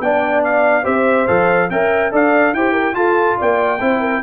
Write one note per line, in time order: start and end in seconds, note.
0.00 0.85 B3
0.00 0.83 D4
0.00 0.83 D5
0.00 0.43 G5
0.44 0.85 F5
0.83 1.28 C4
0.83 1.26 G4
0.83 1.67 C5
0.83 1.27 E5
1.27 1.70 F3
1.27 1.69 A4
1.27 1.69 F5
1.70 2.12 C#4
1.70 2.11 A#4
1.70 2.13 E5
1.70 2.12 G5
2.11 2.53 D4
2.11 2.53 A4
2.11 2.55 D5
2.11 2.54 F5
2.53 2.93 E4
2.53 2.94 G4
2.53 2.72 C5
2.53 2.94 G5
2.72 2.93 A#4
2.93 3.36 F4
2.93 3.78 F4
2.93 3.38 A4
2.93 3.37 A5
3.38 3.81 A#3
3.38 3.81 D5
3.38 4.22 G5
3.80 4.22 C4
3.80 4.22 E4
3.80 4.00 C5
4.00 4.21 A#4